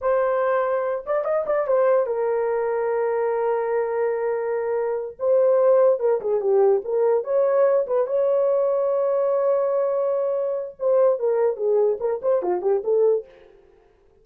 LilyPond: \new Staff \with { instrumentName = "horn" } { \time 4/4 \tempo 4 = 145 c''2~ c''8 d''8 dis''8 d''8 | c''4 ais'2.~ | ais'1~ | ais'8 c''2 ais'8 gis'8 g'8~ |
g'8 ais'4 cis''4. b'8 cis''8~ | cis''1~ | cis''2 c''4 ais'4 | gis'4 ais'8 c''8 f'8 g'8 a'4 | }